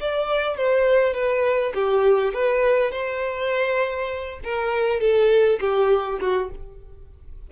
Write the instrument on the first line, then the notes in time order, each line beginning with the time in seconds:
violin
0.00 D5
0.57 C5
1.14 B4
1.74 G4
2.33 B4
2.91 C5
4.44 A#4
5.00 A4
5.60 G4
6.21 F#4